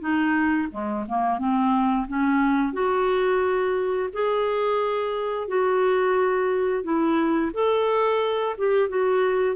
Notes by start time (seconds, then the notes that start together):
0.00 D#4
0.71 G#3
1.08 A#3
1.39 C4
2.08 C#4
2.73 F#4
4.13 G#4
5.48 F#4
6.83 E4
7.53 A4
8.58 G4
8.89 F#4